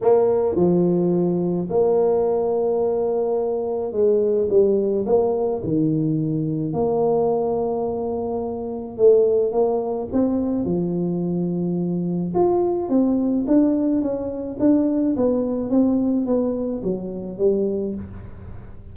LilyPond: \new Staff \with { instrumentName = "tuba" } { \time 4/4 \tempo 4 = 107 ais4 f2 ais4~ | ais2. gis4 | g4 ais4 dis2 | ais1 |
a4 ais4 c'4 f4~ | f2 f'4 c'4 | d'4 cis'4 d'4 b4 | c'4 b4 fis4 g4 | }